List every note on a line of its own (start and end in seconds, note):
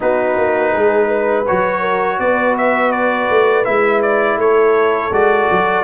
0.00 0.37 B3
0.00 1.45 D#4
0.00 0.71 F#4
0.00 1.46 B4
0.37 0.74 A#3
0.71 1.47 G#3
0.71 1.07 G#4
1.07 1.79 B4
1.46 2.19 F#3
1.46 3.64 F#4
1.46 2.19 C#5
1.79 2.16 A#4
2.19 3.28 B3
2.19 4.40 B4
2.19 2.56 D5
2.57 2.91 E5
2.91 3.64 D5
3.29 3.66 A3
3.64 4.37 G#3
3.64 5.11 E4
3.64 4.01 E5
4.02 4.38 D5
4.37 5.10 A3
4.37 5.84 A4
4.37 5.13 C#5
5.10 5.47 G#3
5.10 5.84 F#4
5.10 5.84 D5
5.50 5.84 F#3